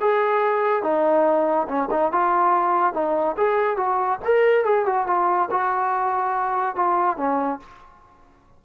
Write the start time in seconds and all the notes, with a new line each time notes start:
0.00 G#4
0.83 D#4
1.68 C#4
1.91 D#4
2.12 F4
2.93 D#4
3.37 G#4
3.77 F#4
4.24 A#4
4.64 G#4
4.86 F#4
5.07 F4
5.51 F#4
6.75 F4
7.17 C#4